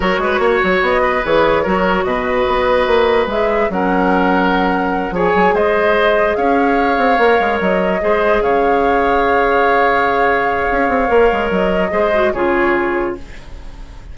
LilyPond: <<
  \new Staff \with { instrumentName = "flute" } { \time 4/4 \tempo 4 = 146 cis''2 dis''4 cis''4~ | cis''4 dis''2. | e''4 fis''2.~ | fis''8 gis''4 dis''2 f''8~ |
f''2~ f''8 dis''4.~ | dis''8 f''2.~ f''8~ | f''1 | dis''2 cis''2 | }
  \new Staff \with { instrumentName = "oboe" } { \time 4/4 ais'8 b'8 cis''4. b'4. | ais'4 b'2.~ | b'4 ais'2.~ | ais'8 cis''4 c''2 cis''8~ |
cis''2.~ cis''8 c''8~ | c''8 cis''2.~ cis''8~ | cis''1~ | cis''4 c''4 gis'2 | }
  \new Staff \with { instrumentName = "clarinet" } { \time 4/4 fis'2. gis'4 | fis'1 | gis'4 cis'2.~ | cis'8 gis'2.~ gis'8~ |
gis'4. ais'2 gis'8~ | gis'1~ | gis'2. ais'4~ | ais'4 gis'8 fis'8 f'2 | }
  \new Staff \with { instrumentName = "bassoon" } { \time 4/4 fis8 gis8 ais8 fis8 b4 e4 | fis4 b,4 b4 ais4 | gis4 fis2.~ | fis8 f8 fis8 gis2 cis'8~ |
cis'4 c'8 ais8 gis8 fis4 gis8~ | gis8 cis2.~ cis8~ | cis2 cis'8 c'8 ais8 gis8 | fis4 gis4 cis2 | }
>>